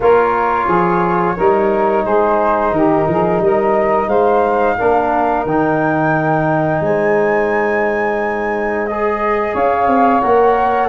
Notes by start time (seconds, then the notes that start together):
0.00 A#3 F4 A#4 C#5
0.66 F3 G#4
1.36 G3 D#4 A#4
2.04 G#3 G#4 C5
2.71 D#3 G4 A#4
3.08 F3 G#4
3.39 G3 A#4 D#5
4.07 G#3 C5 F5
4.77 A#3 D4 A#4
5.45 D#3 D#4 G5
6.81 G#3 C5 G#5
8.86 G#4 D#5
9.52 C#4 C#5 F5
9.87 C4
10.20 A#3 A#4 F#5